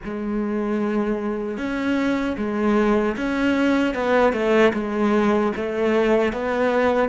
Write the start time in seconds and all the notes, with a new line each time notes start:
0.04 G#3
1.57 C#4
2.37 G#3
3.17 C#4
3.94 B3
4.32 A3
4.73 G#3
5.56 A3
6.33 B3